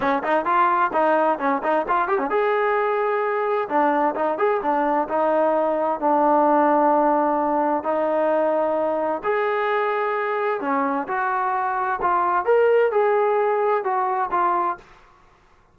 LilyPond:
\new Staff \with { instrumentName = "trombone" } { \time 4/4 \tempo 4 = 130 cis'8 dis'8 f'4 dis'4 cis'8 dis'8 | f'8 g'16 cis'16 gis'2. | d'4 dis'8 gis'8 d'4 dis'4~ | dis'4 d'2.~ |
d'4 dis'2. | gis'2. cis'4 | fis'2 f'4 ais'4 | gis'2 fis'4 f'4 | }